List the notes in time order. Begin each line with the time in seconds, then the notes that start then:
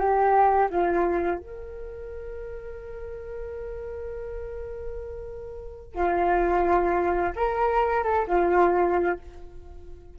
0.00 G4
0.70 F4
1.38 A#4
5.95 F4
7.36 A#4
8.04 A4
8.28 F4